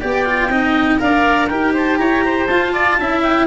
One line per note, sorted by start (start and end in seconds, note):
0.00 0.49 B3
0.00 0.25 G4
0.00 0.50 D5
0.00 0.99 G5
0.25 0.49 F4
0.49 0.99 C4
0.49 0.98 D#4
0.49 0.99 D#5
0.98 1.50 D4
0.98 1.48 A#4
0.98 1.48 D5
0.98 1.47 F5
1.47 1.98 D#4
1.47 2.48 G4
1.47 1.73 A#4
1.47 1.72 G5
1.73 1.98 C5
1.73 1.97 A5
1.97 2.47 E4
1.97 2.24 C#5
1.97 2.46 A#5
2.24 2.72 C5
2.46 2.98 F4
2.46 3.00 F4
2.46 3.20 A5
2.72 2.97 D5
2.98 3.46 C#4
2.98 3.46 E4
2.98 3.46 E5
3.22 3.46 G5